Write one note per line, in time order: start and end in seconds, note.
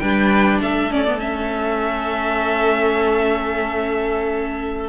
0.00 0.61 G3
0.00 0.91 D4
0.00 0.61 B4
0.00 0.59 G5
0.61 4.90 A3
0.61 4.90 A4
0.61 0.92 E5
0.91 1.06 C#4
0.91 1.20 D5
1.06 1.18 B3
1.18 4.89 C#4
1.18 4.90 E5